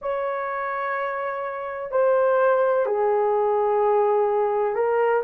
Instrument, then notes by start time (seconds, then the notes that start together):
horn
0.01 C#5
1.91 C5
2.86 G#4
4.75 A#4